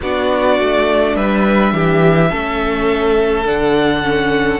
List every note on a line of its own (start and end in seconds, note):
0.02 0.59 B3
0.02 2.29 D4
0.02 1.16 F#4
0.02 1.16 D5
0.59 1.15 A3
1.15 1.73 G3
1.15 1.73 B4
1.15 3.46 E5
1.73 2.30 E3
1.73 2.30 G4
2.29 3.45 A3
2.29 3.44 C#4
2.29 4.59 A4
3.45 4.59 D3
3.45 4.02 D4
3.45 4.59 F#5
4.02 4.59 C#4